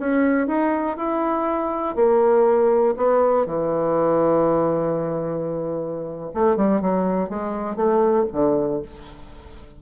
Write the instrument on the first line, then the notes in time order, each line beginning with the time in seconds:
bassoon
0.00 C#4
0.48 D#4
0.97 E4
1.96 A#3
2.97 B3
3.46 E3
6.34 A3
6.57 G3
6.82 F#3
7.29 G#3
7.76 A3
8.33 D3